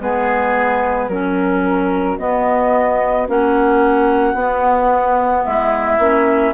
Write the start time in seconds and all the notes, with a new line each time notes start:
0.00 G#3 B3 G#4 B4
1.08 F#3 C#4 F#4 A#4
2.19 B3 D#5
3.28 A#3 C#4 F#5
4.34 B3
5.45 G#3 E4 E5
5.98 A#3 C#4